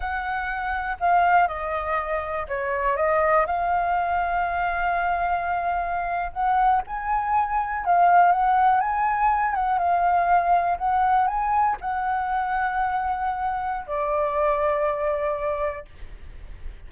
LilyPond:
\new Staff \with { instrumentName = "flute" } { \time 4/4 \tempo 4 = 121 fis''2 f''4 dis''4~ | dis''4 cis''4 dis''4 f''4~ | f''1~ | f''8. fis''4 gis''2 f''16~ |
f''8. fis''4 gis''4. fis''8 f''16~ | f''4.~ f''16 fis''4 gis''4 fis''16~ | fis''1 | d''1 | }